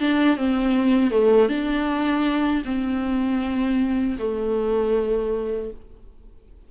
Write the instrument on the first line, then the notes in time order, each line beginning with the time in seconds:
viola
0.00 D4
0.37 C4
1.11 A3
1.49 D4
2.65 C4
4.19 A3